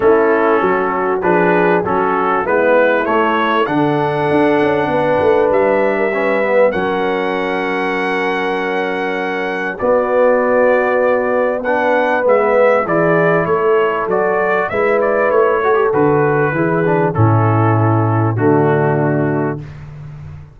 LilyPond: <<
  \new Staff \with { instrumentName = "trumpet" } { \time 4/4 \tempo 4 = 98 a'2 b'4 a'4 | b'4 cis''4 fis''2~ | fis''4 e''2 fis''4~ | fis''1 |
d''2. fis''4 | e''4 d''4 cis''4 d''4 | e''8 d''8 cis''4 b'2 | a'2 fis'2 | }
  \new Staff \with { instrumentName = "horn" } { \time 4/4 e'4 fis'4 gis'4 fis'4 | e'2 a'2 | b'4.~ b'16 ais'16 b'4 ais'4~ | ais'1 |
fis'2. b'4~ | b'4 gis'4 a'2 | b'4. a'4. gis'4 | e'2 d'2 | }
  \new Staff \with { instrumentName = "trombone" } { \time 4/4 cis'2 d'4 cis'4 | b4 a4 d'2~ | d'2 cis'8 b8 cis'4~ | cis'1 |
b2. d'4 | b4 e'2 fis'4 | e'4. fis'16 g'16 fis'4 e'8 d'8 | cis'2 a2 | }
  \new Staff \with { instrumentName = "tuba" } { \time 4/4 a4 fis4 f4 fis4 | gis4 a4 d4 d'8 cis'8 | b8 a8 g2 fis4~ | fis1 |
b1 | gis4 e4 a4 fis4 | gis4 a4 d4 e4 | a,2 d2 | }
>>